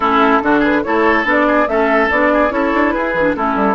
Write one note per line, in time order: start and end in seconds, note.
0.00 0.39 A3
0.00 0.42 C#4
0.00 0.42 E4
0.00 0.62 A4
0.42 0.84 D3
0.42 0.84 D4
0.42 0.59 F#4
0.59 0.80 G#4
0.59 0.83 B4
0.83 1.24 A3
0.83 1.25 E4
0.83 1.47 A4
0.83 1.25 C#5
1.24 1.66 B3
1.24 1.67 D4
1.30 1.68 D5
1.47 1.68 G#4
1.67 2.09 A3
1.67 2.10 C#4
1.67 2.33 A4
1.67 2.10 E5
2.10 2.50 B3
2.10 2.49 D4
2.10 2.51 D5
2.33 2.53 G#4
2.49 2.71 C#4
2.49 3.12 E4
2.49 2.93 A4
2.49 2.91 C#5
2.74 2.95 D4
2.91 3.14 E4
2.91 3.35 G#4
2.91 3.33 B4
3.14 3.35 E3
3.14 3.36 D4
3.35 3.55 A3
3.35 3.75 C#4
3.35 3.75 E4
3.35 3.75 A4
3.55 3.75 G3